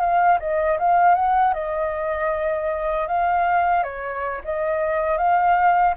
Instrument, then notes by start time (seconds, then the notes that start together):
flute
0.00 F5
0.40 D#5
0.79 F5
1.15 F#5
1.54 D#5
3.08 F5
3.84 C#5
4.45 D#5
5.17 F5